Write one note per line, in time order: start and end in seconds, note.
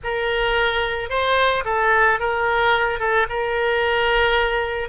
0.03 1.09 A#4
1.09 1.64 C5
1.65 2.19 A4
2.19 2.99 A#4
2.99 3.26 A4
3.29 4.89 A#4